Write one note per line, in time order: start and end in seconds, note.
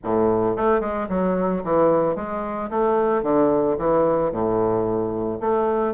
0.03 0.56 A2
0.56 0.80 A3
0.80 1.07 G#3
1.09 1.63 F#3
1.64 2.15 E3
2.15 2.69 G#3
2.70 3.22 A3
3.22 3.76 D3
3.78 4.31 E3
4.31 5.39 A2
5.40 5.94 A3